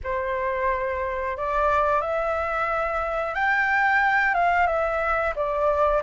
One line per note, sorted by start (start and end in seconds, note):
0.03 1.37 C5
1.37 2.01 D5
2.01 3.34 E5
3.34 4.34 G5
4.34 4.67 F5
4.67 5.33 E5
5.35 6.02 D5